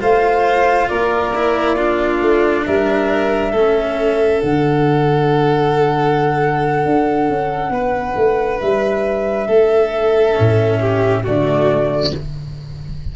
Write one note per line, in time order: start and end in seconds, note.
0.00 0.90 A3
0.00 1.32 F4
0.00 0.89 C5
0.00 0.89 F5
0.89 2.22 A#3
0.89 1.76 A#4
0.89 2.65 D5
1.35 1.77 E4
1.76 3.54 D4
1.76 2.64 F4
2.22 2.66 A3
2.66 3.53 G3
2.66 3.52 A#4
2.66 4.41 E5
3.52 4.41 A3
3.52 4.42 C#4
3.52 7.71 A4
4.41 6.85 D3
4.41 10.36 D4
4.41 8.60 F#5
6.85 7.30 D4
7.30 7.70 C#4
7.70 8.14 B3
7.70 9.48 B4
8.17 8.61 A3
8.61 9.48 G3
8.61 11.25 E5
9.48 10.37 A3
9.48 10.80 A4
10.36 11.28 A2
10.36 11.24 C#4
10.81 11.24 G4
11.24 12.16 D3
11.24 12.13 A3
11.24 12.12 F#4
11.24 12.15 D5